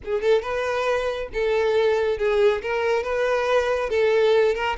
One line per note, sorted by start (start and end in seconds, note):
0.04 0.21 G#4
0.21 0.42 A4
0.42 1.28 B4
1.33 2.18 A4
2.18 2.61 G#4
2.62 3.03 A#4
3.03 3.89 B4
3.89 4.54 A4
4.54 4.76 A#4